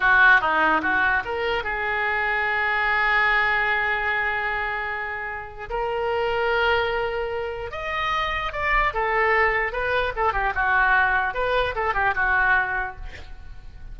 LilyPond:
\new Staff \with { instrumentName = "oboe" } { \time 4/4 \tempo 4 = 148 fis'4 dis'4 fis'4 ais'4 | gis'1~ | gis'1~ | gis'2 ais'2~ |
ais'2. dis''4~ | dis''4 d''4 a'2 | b'4 a'8 g'8 fis'2 | b'4 a'8 g'8 fis'2 | }